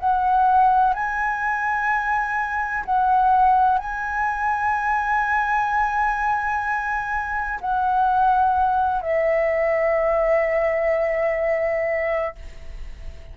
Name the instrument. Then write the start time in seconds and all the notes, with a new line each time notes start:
flute
0.00 F#5
0.94 G#5
2.86 F#5
3.79 G#5
7.61 F#5
9.02 E5